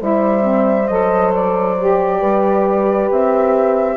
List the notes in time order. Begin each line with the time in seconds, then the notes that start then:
0.00 G3 E4 C5 E5
0.41 C4
0.87 F#3 A4 D#5
1.34 D5
1.78 G4
2.20 G3 B4
3.11 C4 E5